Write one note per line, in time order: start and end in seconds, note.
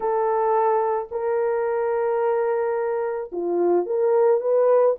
0.00 1.08 A4
1.11 3.31 A#4
3.32 3.86 F4
3.86 4.41 A#4
4.41 4.96 B4